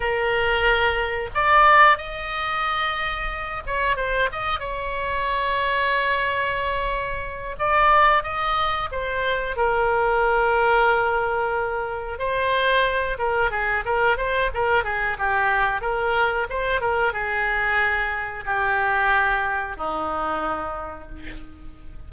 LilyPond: \new Staff \with { instrumentName = "oboe" } { \time 4/4 \tempo 4 = 91 ais'2 d''4 dis''4~ | dis''4. cis''8 c''8 dis''8 cis''4~ | cis''2.~ cis''8 d''8~ | d''8 dis''4 c''4 ais'4.~ |
ais'2~ ais'8 c''4. | ais'8 gis'8 ais'8 c''8 ais'8 gis'8 g'4 | ais'4 c''8 ais'8 gis'2 | g'2 dis'2 | }